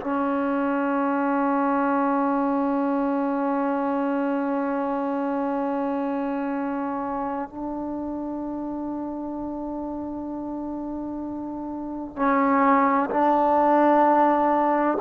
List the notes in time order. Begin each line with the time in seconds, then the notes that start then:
0.00 C#4
7.49 D4
12.16 C#4
13.10 D4